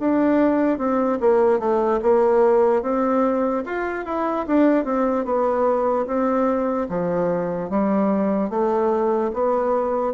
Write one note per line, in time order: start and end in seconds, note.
0.00 0.79 D4
0.79 1.19 C4
1.21 1.60 A#3
1.60 2.00 A3
2.03 2.83 A#3
2.83 3.64 C4
3.66 4.06 F4
4.06 4.46 E4
4.47 4.85 D4
4.85 5.26 C4
5.26 6.07 B3
6.07 6.88 C4
6.90 7.70 F3
7.70 8.50 G3
8.50 9.31 A3
9.34 10.14 B3